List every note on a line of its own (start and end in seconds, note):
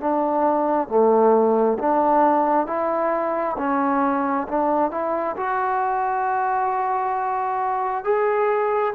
0.00 0.88 D4
0.88 1.78 A3
1.78 2.67 D4
2.67 3.56 E4
3.58 4.47 C#4
4.48 4.91 D4
4.91 5.36 E4
5.36 8.04 F#4
8.04 8.94 G#4